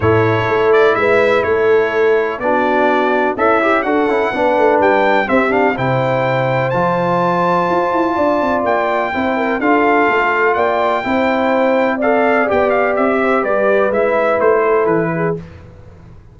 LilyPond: <<
  \new Staff \with { instrumentName = "trumpet" } { \time 4/4 \tempo 4 = 125 cis''4. d''8 e''4 cis''4~ | cis''4 d''2 e''4 | fis''2 g''4 e''8 f''8 | g''2 a''2~ |
a''2 g''2 | f''2 g''2~ | g''4 f''4 g''8 f''8 e''4 | d''4 e''4 c''4 b'4 | }
  \new Staff \with { instrumentName = "horn" } { \time 4/4 a'2 b'4 a'4~ | a'4 fis'2 e'4 | a'4 b'2 g'4 | c''1~ |
c''4 d''2 c''8 ais'8 | a'2 d''4 c''4~ | c''4 d''2~ d''8 c''8 | b'2~ b'8 a'4 gis'8 | }
  \new Staff \with { instrumentName = "trombone" } { \time 4/4 e'1~ | e'4 d'2 a'8 g'8 | fis'8 e'8 d'2 c'8 d'8 | e'2 f'2~ |
f'2. e'4 | f'2. e'4~ | e'4 a'4 g'2~ | g'4 e'2. | }
  \new Staff \with { instrumentName = "tuba" } { \time 4/4 a,4 a4 gis4 a4~ | a4 b2 cis'4 | d'8 cis'8 b8 a8 g4 c'4 | c2 f2 |
f'8 e'8 d'8 c'8 ais4 c'4 | d'4 a4 ais4 c'4~ | c'2 b4 c'4 | g4 gis4 a4 e4 | }
>>